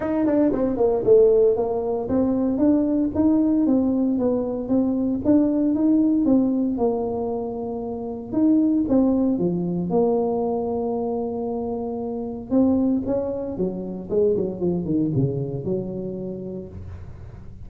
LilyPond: \new Staff \with { instrumentName = "tuba" } { \time 4/4 \tempo 4 = 115 dis'8 d'8 c'8 ais8 a4 ais4 | c'4 d'4 dis'4 c'4 | b4 c'4 d'4 dis'4 | c'4 ais2. |
dis'4 c'4 f4 ais4~ | ais1 | c'4 cis'4 fis4 gis8 fis8 | f8 dis8 cis4 fis2 | }